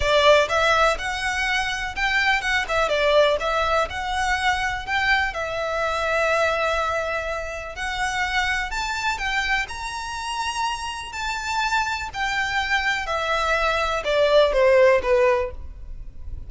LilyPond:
\new Staff \with { instrumentName = "violin" } { \time 4/4 \tempo 4 = 124 d''4 e''4 fis''2 | g''4 fis''8 e''8 d''4 e''4 | fis''2 g''4 e''4~ | e''1 |
fis''2 a''4 g''4 | ais''2. a''4~ | a''4 g''2 e''4~ | e''4 d''4 c''4 b'4 | }